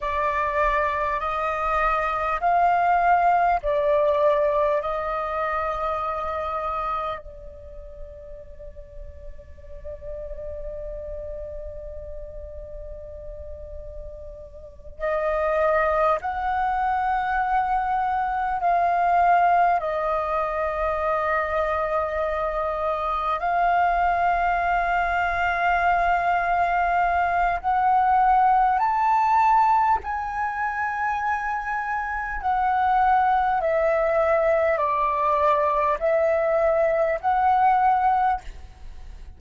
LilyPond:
\new Staff \with { instrumentName = "flute" } { \time 4/4 \tempo 4 = 50 d''4 dis''4 f''4 d''4 | dis''2 d''2~ | d''1~ | d''8 dis''4 fis''2 f''8~ |
f''8 dis''2. f''8~ | f''2. fis''4 | a''4 gis''2 fis''4 | e''4 d''4 e''4 fis''4 | }